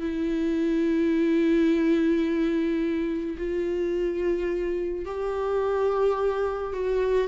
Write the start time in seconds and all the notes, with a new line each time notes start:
0.00 E4
3.38 F4
5.05 G4
6.73 F#4